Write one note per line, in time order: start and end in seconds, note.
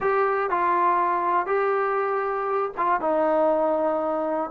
0.00 0.50 G4
0.50 1.46 F4
1.46 2.71 G4
2.77 3.00 F4
3.00 4.50 D#4